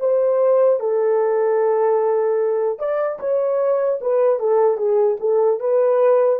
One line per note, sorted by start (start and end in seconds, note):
0.00 0.80 C5
0.80 2.79 A4
2.79 3.19 D5
3.20 4.00 C#5
4.01 4.40 B4
4.40 4.78 A4
4.78 5.18 G#4
5.20 5.60 A4
5.60 6.40 B4